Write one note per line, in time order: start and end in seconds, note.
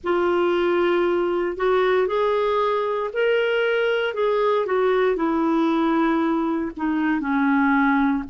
0.03 1.56 F4
1.56 2.07 F#4
2.07 3.10 G#4
3.13 4.14 A#4
4.14 4.66 G#4
4.66 5.16 F#4
5.16 6.71 E4
6.76 7.20 D#4
7.20 8.23 C#4